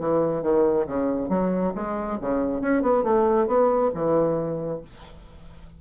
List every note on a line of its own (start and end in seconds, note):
0.00 0.42 E3
0.42 0.85 D#3
0.87 1.29 C#3
1.29 1.73 F#3
1.75 2.18 G#3
2.21 2.61 C#3
2.61 2.82 C#4
2.82 3.04 B3
3.04 3.47 A3
3.47 3.91 B3
3.94 4.81 E3